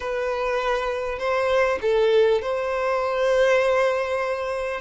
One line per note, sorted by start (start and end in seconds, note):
0.00 1.18 B4
1.18 1.78 C5
1.81 2.41 A4
2.41 4.81 C5